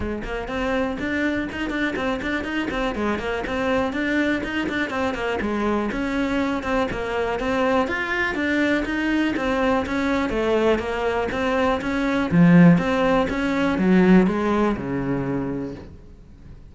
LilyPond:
\new Staff \with { instrumentName = "cello" } { \time 4/4 \tempo 4 = 122 gis8 ais8 c'4 d'4 dis'8 d'8 | c'8 d'8 dis'8 c'8 gis8 ais8 c'4 | d'4 dis'8 d'8 c'8 ais8 gis4 | cis'4. c'8 ais4 c'4 |
f'4 d'4 dis'4 c'4 | cis'4 a4 ais4 c'4 | cis'4 f4 c'4 cis'4 | fis4 gis4 cis2 | }